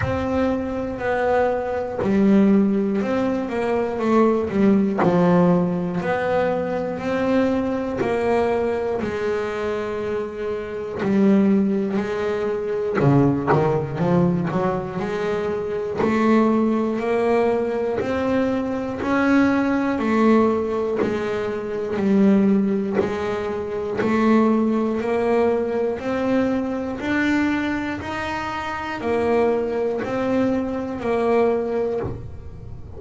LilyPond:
\new Staff \with { instrumentName = "double bass" } { \time 4/4 \tempo 4 = 60 c'4 b4 g4 c'8 ais8 | a8 g8 f4 b4 c'4 | ais4 gis2 g4 | gis4 cis8 dis8 f8 fis8 gis4 |
a4 ais4 c'4 cis'4 | a4 gis4 g4 gis4 | a4 ais4 c'4 d'4 | dis'4 ais4 c'4 ais4 | }